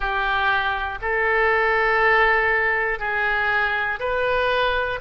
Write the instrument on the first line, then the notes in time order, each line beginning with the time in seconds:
oboe
0.00 G4
1.01 A4
2.99 G#4
3.99 B4